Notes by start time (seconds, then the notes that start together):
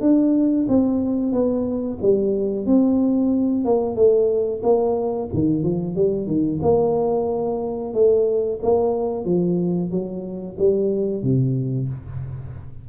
0.00 D4
0.68 C4
1.32 B3
2.01 G3
2.66 C4
3.64 A#3
3.95 A3
4.62 A#3
5.33 D#3
5.63 F3
5.95 G3
6.26 D#3
6.62 A#3
7.93 A3
8.62 A#3
9.25 F3
9.90 F#3
10.58 G3
11.22 C3